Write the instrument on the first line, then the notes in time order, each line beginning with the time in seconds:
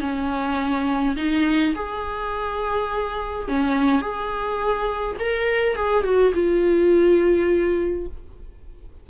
viola
0.00 C#4
1.16 D#4
1.75 G#4
3.48 C#4
4.01 G#4
5.19 A#4
5.76 G#4
6.04 F#4
6.34 F4